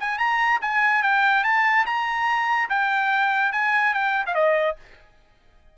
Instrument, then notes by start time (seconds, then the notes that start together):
trumpet
0.00 G#5
0.19 A#5
0.62 G#5
1.03 G5
1.44 A5
1.86 A#5
2.70 G5
3.53 G#5
3.94 G5
4.27 F5
4.35 D#5